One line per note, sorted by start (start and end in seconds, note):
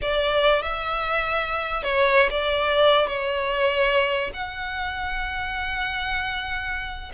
0.01 0.62 D5
0.62 1.83 E5
1.83 2.29 C#5
2.30 3.07 D5
3.07 4.30 C#5
4.33 7.12 F#5